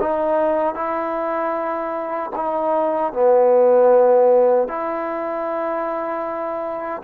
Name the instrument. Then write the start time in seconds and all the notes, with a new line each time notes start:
trombone
0.00 D#4
0.75 E4
2.36 D#4
3.13 B3
4.68 E4